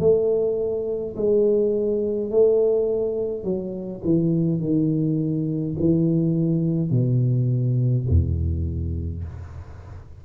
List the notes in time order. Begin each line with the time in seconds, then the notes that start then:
0.00 A3
1.16 G#3
2.31 A3
3.44 F#3
4.04 E3
4.60 D#3
5.80 E3
6.90 B2
8.09 E2